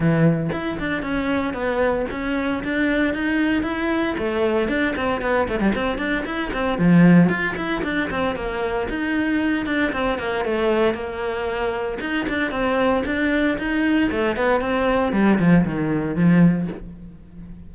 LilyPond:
\new Staff \with { instrumentName = "cello" } { \time 4/4 \tempo 4 = 115 e4 e'8 d'8 cis'4 b4 | cis'4 d'4 dis'4 e'4 | a4 d'8 c'8 b8 a16 g16 c'8 d'8 | e'8 c'8 f4 f'8 e'8 d'8 c'8 |
ais4 dis'4. d'8 c'8 ais8 | a4 ais2 dis'8 d'8 | c'4 d'4 dis'4 a8 b8 | c'4 g8 f8 dis4 f4 | }